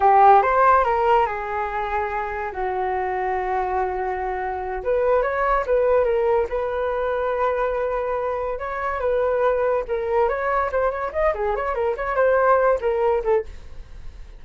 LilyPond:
\new Staff \with { instrumentName = "flute" } { \time 4/4 \tempo 4 = 143 g'4 c''4 ais'4 gis'4~ | gis'2 fis'2~ | fis'2.~ fis'8 b'8~ | b'8 cis''4 b'4 ais'4 b'8~ |
b'1~ | b'8 cis''4 b'2 ais'8~ | ais'8 cis''4 c''8 cis''8 dis''8 gis'8 cis''8 | ais'8 cis''8 c''4. ais'4 a'8 | }